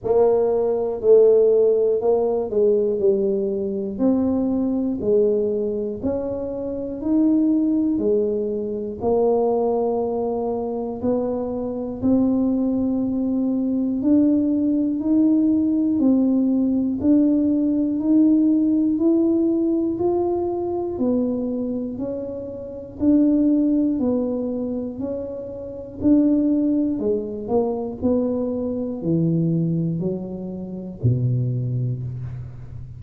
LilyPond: \new Staff \with { instrumentName = "tuba" } { \time 4/4 \tempo 4 = 60 ais4 a4 ais8 gis8 g4 | c'4 gis4 cis'4 dis'4 | gis4 ais2 b4 | c'2 d'4 dis'4 |
c'4 d'4 dis'4 e'4 | f'4 b4 cis'4 d'4 | b4 cis'4 d'4 gis8 ais8 | b4 e4 fis4 b,4 | }